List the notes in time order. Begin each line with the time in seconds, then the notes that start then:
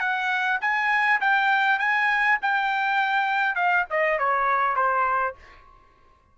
0.00 F#5
0.61 G#5
1.21 G5
1.79 G#5
2.42 G5
3.56 F5
3.90 D#5
4.19 C#5
4.76 C5